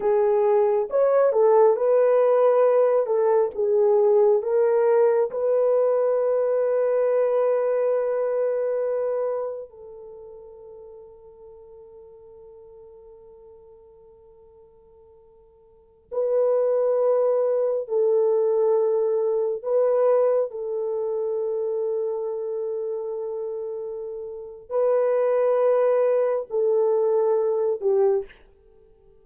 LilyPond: \new Staff \with { instrumentName = "horn" } { \time 4/4 \tempo 4 = 68 gis'4 cis''8 a'8 b'4. a'8 | gis'4 ais'4 b'2~ | b'2. a'4~ | a'1~ |
a'2~ a'16 b'4.~ b'16~ | b'16 a'2 b'4 a'8.~ | a'1 | b'2 a'4. g'8 | }